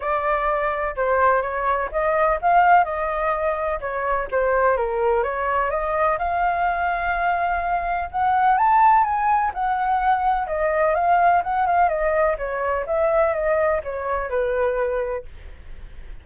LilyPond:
\new Staff \with { instrumentName = "flute" } { \time 4/4 \tempo 4 = 126 d''2 c''4 cis''4 | dis''4 f''4 dis''2 | cis''4 c''4 ais'4 cis''4 | dis''4 f''2.~ |
f''4 fis''4 a''4 gis''4 | fis''2 dis''4 f''4 | fis''8 f''8 dis''4 cis''4 e''4 | dis''4 cis''4 b'2 | }